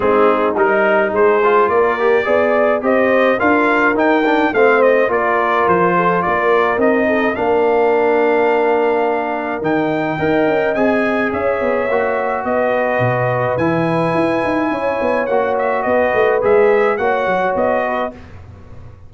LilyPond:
<<
  \new Staff \with { instrumentName = "trumpet" } { \time 4/4 \tempo 4 = 106 gis'4 ais'4 c''4 d''4~ | d''4 dis''4 f''4 g''4 | f''8 dis''8 d''4 c''4 d''4 | dis''4 f''2.~ |
f''4 g''2 gis''4 | e''2 dis''2 | gis''2. fis''8 e''8 | dis''4 e''4 fis''4 dis''4 | }
  \new Staff \with { instrumentName = "horn" } { \time 4/4 dis'2 gis'4 ais'4 | d''4 c''4 ais'2 | c''4 ais'4. a'8 ais'4~ | ais'8 a'8 ais'2.~ |
ais'2 dis''2 | cis''2 b'2~ | b'2 cis''2 | b'2 cis''4. b'8 | }
  \new Staff \with { instrumentName = "trombone" } { \time 4/4 c'4 dis'4. f'4 g'8 | gis'4 g'4 f'4 dis'8 d'8 | c'4 f'2. | dis'4 d'2.~ |
d'4 dis'4 ais'4 gis'4~ | gis'4 fis'2. | e'2. fis'4~ | fis'4 gis'4 fis'2 | }
  \new Staff \with { instrumentName = "tuba" } { \time 4/4 gis4 g4 gis4 ais4 | b4 c'4 d'4 dis'4 | a4 ais4 f4 ais4 | c'4 ais2.~ |
ais4 dis4 dis'8 cis'8 c'4 | cis'8 b8 ais4 b4 b,4 | e4 e'8 dis'8 cis'8 b8 ais4 | b8 a8 gis4 ais8 fis8 b4 | }
>>